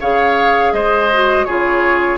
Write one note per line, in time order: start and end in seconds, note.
0.00 0.73 C#3
0.00 1.10 G#4
0.00 0.73 C#5
0.00 0.73 F5
0.73 1.46 G#3
0.73 1.46 C5
0.73 1.45 D#5
1.13 1.48 F#4
1.45 2.18 C#3
1.45 2.18 F4
1.45 2.18 G#4
1.45 2.18 C#5